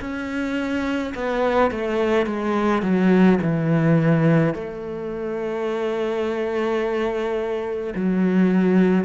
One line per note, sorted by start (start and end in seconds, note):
0.00 1.13 C#4
1.14 1.71 B3
1.71 2.26 A3
2.26 2.82 G#3
2.82 3.39 F#3
3.42 4.54 E3
4.54 7.93 A3
7.95 9.05 F#3